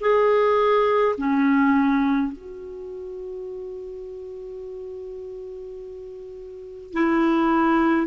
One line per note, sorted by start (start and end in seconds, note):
0.00 1.15 G#4
1.17 2.32 C#4
2.32 6.93 F#4
6.93 8.07 E4